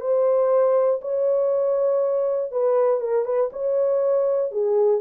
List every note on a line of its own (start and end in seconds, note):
0.00 1.00 C5
1.01 2.51 C#5
2.51 3.00 B4
3.00 3.25 A#4
3.25 3.50 B4
3.52 4.51 C#5
4.51 5.00 G#4